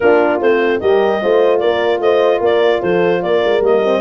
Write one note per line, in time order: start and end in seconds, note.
0.00 0.40 A#3
0.00 0.41 D4
0.00 0.80 F4
0.00 0.40 A#4
0.40 0.80 A3
0.40 0.81 C4
0.40 0.80 C5
0.80 1.22 G3
0.80 1.21 G4
0.80 1.21 A#4
0.80 1.59 D#5
1.21 1.63 A3
1.21 3.61 F4
1.21 1.61 C5
1.59 1.99 A#3
1.59 2.01 A#4
1.59 1.99 D5
1.99 2.40 A3
1.99 2.39 C5
1.99 2.41 D#5
2.39 2.81 A#3
2.39 2.79 A#4
2.39 2.82 D5
2.82 3.22 F3
2.82 3.22 A4
2.82 3.22 C5
3.22 3.42 A#3
3.22 4.00 A#4
3.22 3.62 D5
3.44 3.60 G#3
3.60 4.00 G3
3.60 3.81 A#3
3.60 4.00 D#5
3.84 4.00 C4